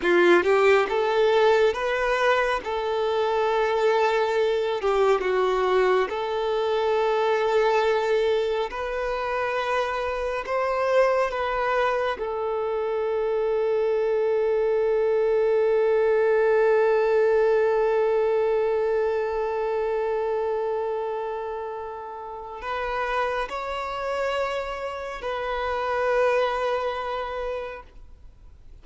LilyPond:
\new Staff \with { instrumentName = "violin" } { \time 4/4 \tempo 4 = 69 f'8 g'8 a'4 b'4 a'4~ | a'4. g'8 fis'4 a'4~ | a'2 b'2 | c''4 b'4 a'2~ |
a'1~ | a'1~ | a'2 b'4 cis''4~ | cis''4 b'2. | }